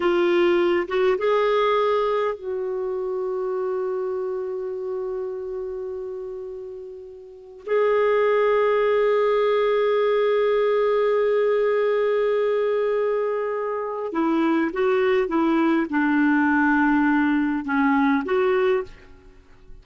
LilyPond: \new Staff \with { instrumentName = "clarinet" } { \time 4/4 \tempo 4 = 102 f'4. fis'8 gis'2 | fis'1~ | fis'1~ | fis'4 gis'2.~ |
gis'1~ | gis'1 | e'4 fis'4 e'4 d'4~ | d'2 cis'4 fis'4 | }